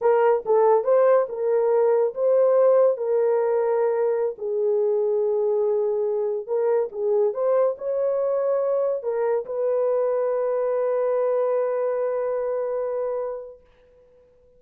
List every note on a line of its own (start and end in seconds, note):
0.01 0.44 A#4
0.45 0.84 A4
0.84 1.26 C5
1.28 2.14 A#4
2.14 2.97 C5
2.97 4.35 A#4
4.38 6.46 G#4
6.46 6.89 A#4
6.91 7.33 G#4
7.33 7.76 C5
7.78 9.02 C#5
9.02 9.45 A#4
9.45 13.60 B4